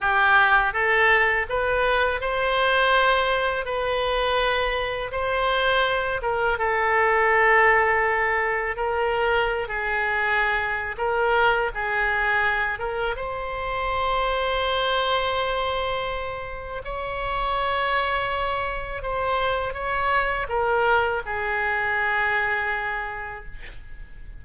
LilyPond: \new Staff \with { instrumentName = "oboe" } { \time 4/4 \tempo 4 = 82 g'4 a'4 b'4 c''4~ | c''4 b'2 c''4~ | c''8 ais'8 a'2. | ais'4~ ais'16 gis'4.~ gis'16 ais'4 |
gis'4. ais'8 c''2~ | c''2. cis''4~ | cis''2 c''4 cis''4 | ais'4 gis'2. | }